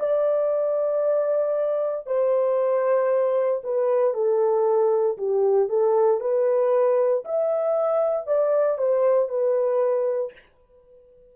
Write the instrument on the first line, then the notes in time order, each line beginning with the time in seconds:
horn
0.00 D5
2.07 C5
3.63 B4
4.14 A4
5.18 G4
5.69 A4
6.21 B4
7.25 E5
8.27 D5
8.78 C5
9.29 B4